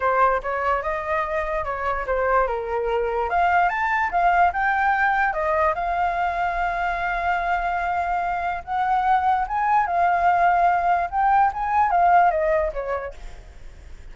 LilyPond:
\new Staff \with { instrumentName = "flute" } { \time 4/4 \tempo 4 = 146 c''4 cis''4 dis''2 | cis''4 c''4 ais'2 | f''4 a''4 f''4 g''4~ | g''4 dis''4 f''2~ |
f''1~ | f''4 fis''2 gis''4 | f''2. g''4 | gis''4 f''4 dis''4 cis''4 | }